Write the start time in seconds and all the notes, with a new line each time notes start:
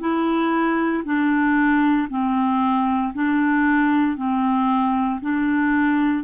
0.00 E4
1.05 D4
2.10 C4
3.15 D4
4.17 C4
5.21 D4